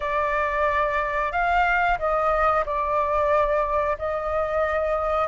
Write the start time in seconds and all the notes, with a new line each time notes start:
0.00 D5
1.32 F5
1.98 D#5
2.65 D5
3.98 D#5